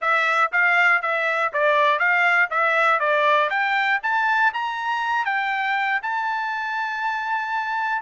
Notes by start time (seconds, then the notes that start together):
0.01 E5
0.52 F5
1.02 E5
1.53 D5
1.99 F5
2.50 E5
2.99 D5
3.50 G5
4.02 A5
4.53 A#5
5.25 G5
6.02 A5